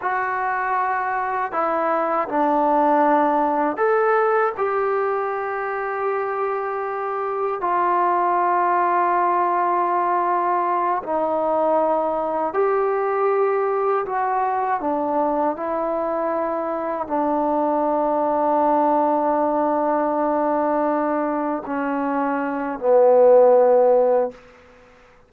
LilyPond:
\new Staff \with { instrumentName = "trombone" } { \time 4/4 \tempo 4 = 79 fis'2 e'4 d'4~ | d'4 a'4 g'2~ | g'2 f'2~ | f'2~ f'8 dis'4.~ |
dis'8 g'2 fis'4 d'8~ | d'8 e'2 d'4.~ | d'1~ | d'8 cis'4. b2 | }